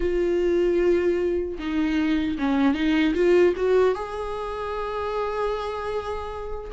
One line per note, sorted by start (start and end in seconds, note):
0.00 1.58 F4
1.58 2.37 D#4
2.38 2.74 C#4
2.74 3.14 D#4
3.14 3.53 F4
3.56 3.95 F#4
3.95 6.71 G#4